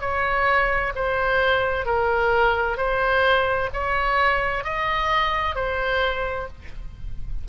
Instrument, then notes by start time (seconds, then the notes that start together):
oboe
0.00 C#5
0.95 C5
1.85 A#4
2.77 C5
3.73 C#5
4.64 D#5
5.55 C5